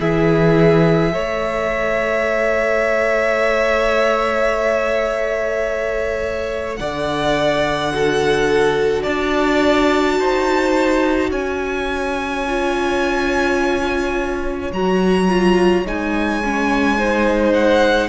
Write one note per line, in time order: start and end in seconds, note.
0.00 1.13 E3
0.00 1.12 E4
0.00 1.13 G#4
0.00 6.76 E5
1.12 6.79 A3
1.12 7.91 A4
1.12 6.79 C#5
6.76 9.06 D3
6.76 7.93 D5
6.76 9.03 F#5
7.92 12.45 F#4
7.92 9.02 A4
9.02 10.19 D4
9.02 10.16 D5
9.02 11.30 A5
10.19 11.31 D#4
10.19 11.31 C5
11.31 14.71 C#4
11.31 16.97 C#5
11.31 14.71 G#5
12.46 14.73 F4
14.72 15.85 F#3
14.72 15.29 F#4
14.72 15.87 A#5
15.29 15.85 F4
15.85 18.08 G#3
15.85 16.42 D#4
15.85 17.53 G#5
16.44 16.98 C#4
16.97 18.08 D#4
16.97 18.08 C5
17.53 18.08 F#5